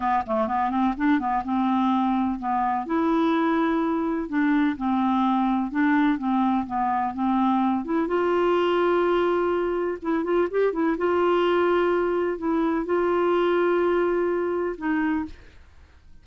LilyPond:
\new Staff \with { instrumentName = "clarinet" } { \time 4/4 \tempo 4 = 126 b8 a8 b8 c'8 d'8 b8 c'4~ | c'4 b4 e'2~ | e'4 d'4 c'2 | d'4 c'4 b4 c'4~ |
c'8 e'8 f'2.~ | f'4 e'8 f'8 g'8 e'8 f'4~ | f'2 e'4 f'4~ | f'2. dis'4 | }